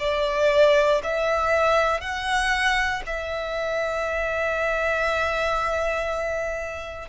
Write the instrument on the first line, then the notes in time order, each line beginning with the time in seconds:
violin
0.00 D5
1.04 E5
2.01 F#5
3.07 E5